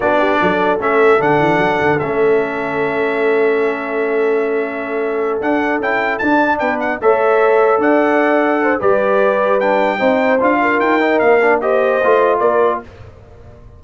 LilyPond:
<<
  \new Staff \with { instrumentName = "trumpet" } { \time 4/4 \tempo 4 = 150 d''2 e''4 fis''4~ | fis''4 e''2.~ | e''1~ | e''4. fis''4 g''4 a''8~ |
a''8 g''8 fis''8 e''2 fis''8~ | fis''2 d''2 | g''2 f''4 g''4 | f''4 dis''2 d''4 | }
  \new Staff \with { instrumentName = "horn" } { \time 4/4 fis'8 g'8 a'2.~ | a'1~ | a'1~ | a'1~ |
a'8 b'4 cis''2 d''8~ | d''4. c''8 b'2~ | b'4 c''4. ais'4.~ | ais'4 c''2 ais'4 | }
  \new Staff \with { instrumentName = "trombone" } { \time 4/4 d'2 cis'4 d'4~ | d'4 cis'2.~ | cis'1~ | cis'4. d'4 e'4 d'8~ |
d'4. a'2~ a'8~ | a'2 g'2 | d'4 dis'4 f'4. dis'8~ | dis'8 d'8 g'4 f'2 | }
  \new Staff \with { instrumentName = "tuba" } { \time 4/4 b4 fis4 a4 d8 e8 | fis8 d8 a2.~ | a1~ | a4. d'4 cis'4 d'8~ |
d'8 b4 a2 d'8~ | d'2 g2~ | g4 c'4 d'4 dis'4 | ais2 a4 ais4 | }
>>